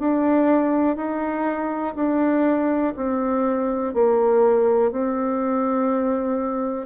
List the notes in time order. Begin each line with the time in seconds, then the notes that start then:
0.00 D4
0.97 D#4
1.96 D4
2.97 C4
3.94 A#3
4.92 C4